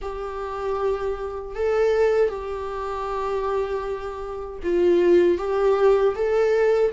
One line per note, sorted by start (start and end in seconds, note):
0.01 1.55 G4
1.55 2.29 A4
2.29 4.59 G4
4.63 5.37 F4
5.37 6.14 G4
6.15 6.92 A4